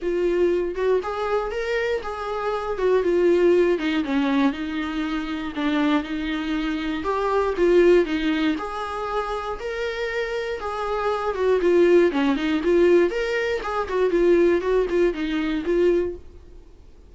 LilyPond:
\new Staff \with { instrumentName = "viola" } { \time 4/4 \tempo 4 = 119 f'4. fis'8 gis'4 ais'4 | gis'4. fis'8 f'4. dis'8 | cis'4 dis'2 d'4 | dis'2 g'4 f'4 |
dis'4 gis'2 ais'4~ | ais'4 gis'4. fis'8 f'4 | cis'8 dis'8 f'4 ais'4 gis'8 fis'8 | f'4 fis'8 f'8 dis'4 f'4 | }